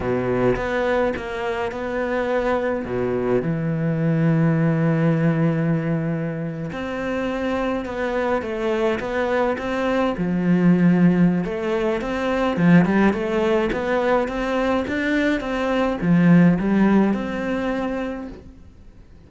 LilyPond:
\new Staff \with { instrumentName = "cello" } { \time 4/4 \tempo 4 = 105 b,4 b4 ais4 b4~ | b4 b,4 e2~ | e2.~ e8. c'16~ | c'4.~ c'16 b4 a4 b16~ |
b8. c'4 f2~ f16 | a4 c'4 f8 g8 a4 | b4 c'4 d'4 c'4 | f4 g4 c'2 | }